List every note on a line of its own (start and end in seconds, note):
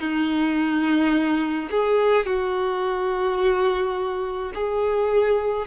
0.00 1.70 D#4
1.70 2.26 G#4
2.26 4.53 F#4
4.54 5.67 G#4